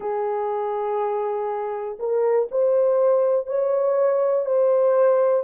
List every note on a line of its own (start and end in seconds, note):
0.00 1.98 G#4
1.99 2.49 A#4
2.51 3.46 C5
3.46 4.45 C#5
4.45 5.43 C5